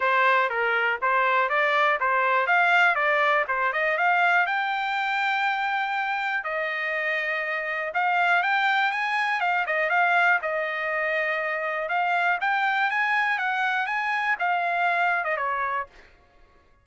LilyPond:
\new Staff \with { instrumentName = "trumpet" } { \time 4/4 \tempo 4 = 121 c''4 ais'4 c''4 d''4 | c''4 f''4 d''4 c''8 dis''8 | f''4 g''2.~ | g''4 dis''2. |
f''4 g''4 gis''4 f''8 dis''8 | f''4 dis''2. | f''4 g''4 gis''4 fis''4 | gis''4 f''4.~ f''16 dis''16 cis''4 | }